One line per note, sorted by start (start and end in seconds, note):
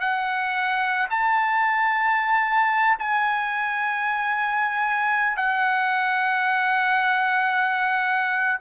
0.00 1.07 F#5
1.10 2.98 A5
2.99 5.37 G#5
5.37 8.58 F#5